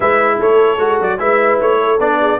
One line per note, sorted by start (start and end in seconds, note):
0.00 0.40 G#3
0.00 0.78 E4
0.00 0.38 B4
0.00 0.40 E5
0.38 0.78 A3
0.38 1.18 A4
0.38 1.01 C#5
0.78 0.98 G#3
0.78 1.18 F#4
1.00 1.19 F#3
1.00 1.19 D5
1.18 1.59 G#3
1.18 1.98 E4
1.18 1.80 B4
1.18 1.59 E5
1.60 1.99 A3
1.60 1.99 C#5
1.80 2.19 A4
1.99 2.39 B3
1.99 2.39 D4
1.99 2.39 D5
2.19 2.39 G#4